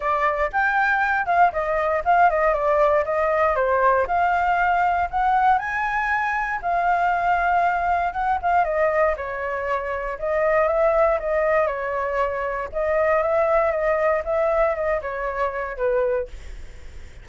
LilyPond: \new Staff \with { instrumentName = "flute" } { \time 4/4 \tempo 4 = 118 d''4 g''4. f''8 dis''4 | f''8 dis''8 d''4 dis''4 c''4 | f''2 fis''4 gis''4~ | gis''4 f''2. |
fis''8 f''8 dis''4 cis''2 | dis''4 e''4 dis''4 cis''4~ | cis''4 dis''4 e''4 dis''4 | e''4 dis''8 cis''4. b'4 | }